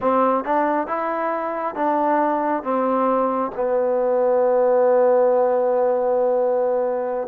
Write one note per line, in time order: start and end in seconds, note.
0.00 0.44 C4
0.44 0.87 D4
0.87 1.75 E4
1.75 2.63 D4
2.63 3.51 C4
3.55 7.28 B3